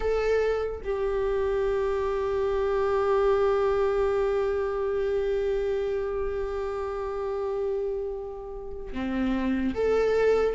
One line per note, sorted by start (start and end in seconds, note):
0.00 0.81 A4
0.84 8.93 G4
8.93 9.74 C4
9.74 10.55 A4